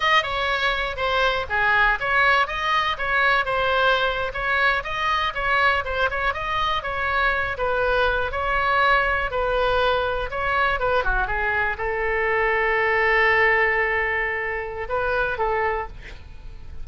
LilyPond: \new Staff \with { instrumentName = "oboe" } { \time 4/4 \tempo 4 = 121 dis''8 cis''4. c''4 gis'4 | cis''4 dis''4 cis''4 c''4~ | c''8. cis''4 dis''4 cis''4 c''16~ | c''16 cis''8 dis''4 cis''4. b'8.~ |
b'8. cis''2 b'4~ b'16~ | b'8. cis''4 b'8 fis'8 gis'4 a'16~ | a'1~ | a'2 b'4 a'4 | }